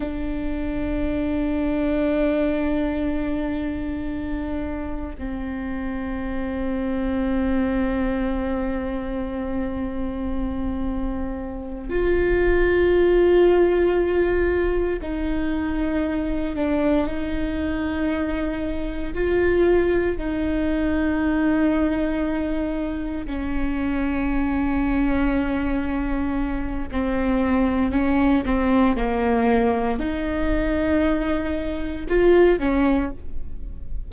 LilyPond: \new Staff \with { instrumentName = "viola" } { \time 4/4 \tempo 4 = 58 d'1~ | d'4 c'2.~ | c'2.~ c'8 f'8~ | f'2~ f'8 dis'4. |
d'8 dis'2 f'4 dis'8~ | dis'2~ dis'8 cis'4.~ | cis'2 c'4 cis'8 c'8 | ais4 dis'2 f'8 cis'8 | }